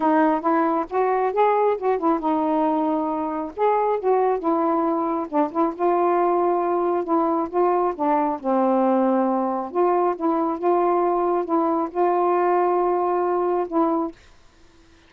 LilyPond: \new Staff \with { instrumentName = "saxophone" } { \time 4/4 \tempo 4 = 136 dis'4 e'4 fis'4 gis'4 | fis'8 e'8 dis'2. | gis'4 fis'4 e'2 | d'8 e'8 f'2. |
e'4 f'4 d'4 c'4~ | c'2 f'4 e'4 | f'2 e'4 f'4~ | f'2. e'4 | }